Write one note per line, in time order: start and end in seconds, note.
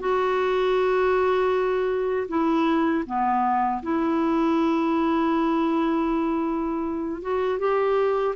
0.00 2.28 F#4
2.29 3.04 E4
3.06 3.82 B3
3.83 7.22 E4
7.22 7.59 F#4
7.59 8.35 G4